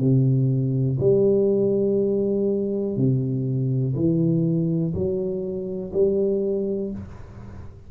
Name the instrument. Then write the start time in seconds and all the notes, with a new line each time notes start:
tuba
0.00 C3
1.00 G3
2.97 C3
3.96 E3
4.94 F#3
5.93 G3